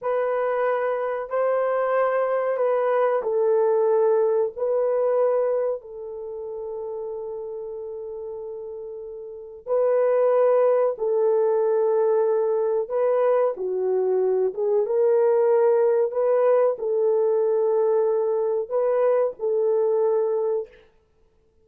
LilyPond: \new Staff \with { instrumentName = "horn" } { \time 4/4 \tempo 4 = 93 b'2 c''2 | b'4 a'2 b'4~ | b'4 a'2.~ | a'2. b'4~ |
b'4 a'2. | b'4 fis'4. gis'8 ais'4~ | ais'4 b'4 a'2~ | a'4 b'4 a'2 | }